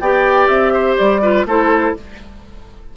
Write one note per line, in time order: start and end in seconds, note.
0.00 0.48 B3
0.00 1.22 G4
0.00 0.73 D5
0.00 0.48 G5
0.48 0.97 C4
0.48 0.96 E5
0.73 1.21 C5
0.97 1.45 G3
0.97 1.45 D5
1.22 1.46 F4
1.22 1.46 B4
1.45 1.93 A3
1.45 1.96 E4
1.45 1.96 A4
1.45 1.96 C5